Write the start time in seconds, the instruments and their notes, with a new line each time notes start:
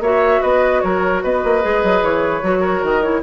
0.00 bassoon A#3, clarinet F#4, oboe C#5, flute E5
0.42 bassoon B3, oboe B4, flute D#5
0.81 bassoon F#3, oboe A#4, flute C#5
1.24 bassoon B3, oboe B4, flute D#5
1.44 bassoon A#3
1.61 bassoon G#3, clarinet G#4
1.84 bassoon F#3
2.03 bassoon E3, flute C#5
2.43 bassoon F#3, clarinet F#4
2.60 oboe A#4
2.83 bassoon D#3, flute D#5
3.03 clarinet E4, flute C#5